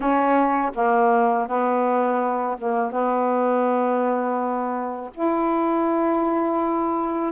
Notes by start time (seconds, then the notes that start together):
0.00 C#4
0.74 A#3
1.47 B3
2.58 A#3
2.91 B3
5.14 E4